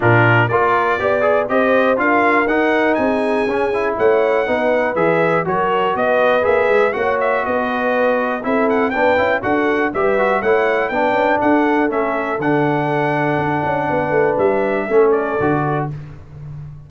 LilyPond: <<
  \new Staff \with { instrumentName = "trumpet" } { \time 4/4 \tempo 4 = 121 ais'4 d''2 dis''4 | f''4 fis''4 gis''2 | fis''2 e''4 cis''4 | dis''4 e''4 fis''8 e''8 dis''4~ |
dis''4 e''8 fis''8 g''4 fis''4 | e''4 fis''4 g''4 fis''4 | e''4 fis''2.~ | fis''4 e''4. d''4. | }
  \new Staff \with { instrumentName = "horn" } { \time 4/4 f'4 ais'4 d''4 c''4 | ais'2 gis'2 | cis''4 b'2 ais'4 | b'2 cis''4 b'4~ |
b'4 a'4 b'4 a'4 | b'4 cis''4 b'4 a'4~ | a'1 | b'2 a'2 | }
  \new Staff \with { instrumentName = "trombone" } { \time 4/4 d'4 f'4 g'8 gis'8 g'4 | f'4 dis'2 cis'8 e'8~ | e'4 dis'4 gis'4 fis'4~ | fis'4 gis'4 fis'2~ |
fis'4 e'4 d'8 e'8 fis'4 | g'8 fis'8 e'4 d'2 | cis'4 d'2.~ | d'2 cis'4 fis'4 | }
  \new Staff \with { instrumentName = "tuba" } { \time 4/4 ais,4 ais4 b4 c'4 | d'4 dis'4 c'4 cis'4 | a4 b4 e4 fis4 | b4 ais8 gis8 ais4 b4~ |
b4 c'4 b8 cis'8 d'4 | g4 a4 b8 cis'8 d'4 | a4 d2 d'8 cis'8 | b8 a8 g4 a4 d4 | }
>>